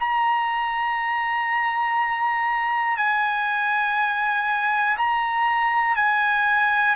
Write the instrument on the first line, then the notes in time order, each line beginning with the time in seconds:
trumpet
0.00 A#5
2.97 G#5
4.97 A#5
5.96 G#5